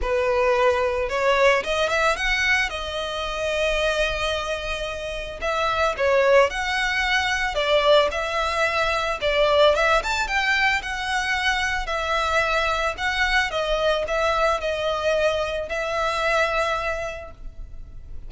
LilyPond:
\new Staff \with { instrumentName = "violin" } { \time 4/4 \tempo 4 = 111 b'2 cis''4 dis''8 e''8 | fis''4 dis''2.~ | dis''2 e''4 cis''4 | fis''2 d''4 e''4~ |
e''4 d''4 e''8 a''8 g''4 | fis''2 e''2 | fis''4 dis''4 e''4 dis''4~ | dis''4 e''2. | }